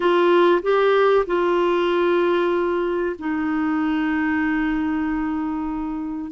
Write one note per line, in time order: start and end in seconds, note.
0.00 0.61 F4
0.62 1.25 G4
1.26 3.16 F4
3.18 6.31 D#4